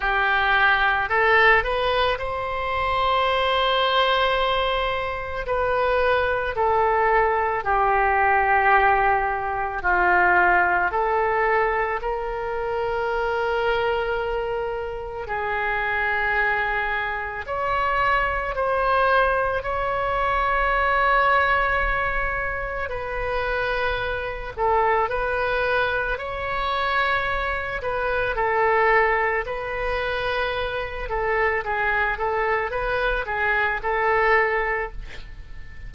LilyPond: \new Staff \with { instrumentName = "oboe" } { \time 4/4 \tempo 4 = 55 g'4 a'8 b'8 c''2~ | c''4 b'4 a'4 g'4~ | g'4 f'4 a'4 ais'4~ | ais'2 gis'2 |
cis''4 c''4 cis''2~ | cis''4 b'4. a'8 b'4 | cis''4. b'8 a'4 b'4~ | b'8 a'8 gis'8 a'8 b'8 gis'8 a'4 | }